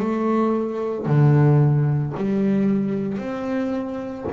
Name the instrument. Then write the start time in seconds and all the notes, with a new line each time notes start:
double bass
0.00 A3
1.06 D3
2.17 G3
3.18 C4